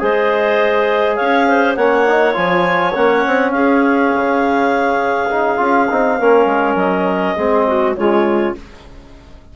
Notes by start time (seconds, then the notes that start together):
0.00 G#3 G#4 C5 D#5
1.16 C#4 C#5 F5
1.48 C5
1.76 A#3 C#4 C#5 F#5
2.07 D#4
2.34 F3 F4 G#5
2.94 A#3 C#4 F#5
3.27 C4
3.51 C#4 G#4 F5
4.15 C#3
5.31 D#4
5.57 C#4 F4
5.91 C4 D#4
6.19 A#3 C#4 A#4
6.46 G#3
6.75 F#3 D#5
7.36 G#3 C4 G#4
7.67 F#4
7.96 C#3 G#3 F4 C#5